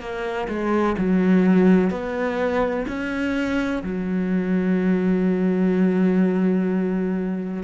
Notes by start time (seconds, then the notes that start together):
0.00 A#3
0.48 G#3
0.98 F#3
1.90 B3
2.87 C#4
3.83 F#3